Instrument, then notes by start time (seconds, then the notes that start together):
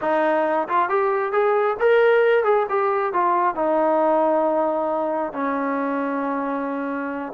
trombone
0.01 D#4
0.68 F4
0.89 G4
1.32 G#4
1.79 A#4
2.44 G#4
2.69 G4
3.13 F4
3.55 D#4
5.33 C#4